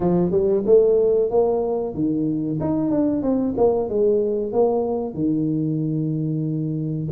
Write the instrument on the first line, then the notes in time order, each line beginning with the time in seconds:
tuba
0.00 F3
0.31 G3
0.65 A3
1.30 A#3
1.94 D#3
2.60 D#4
2.91 D4
3.22 C4
3.57 A#3
3.89 G#3
4.52 A#3
5.13 D#3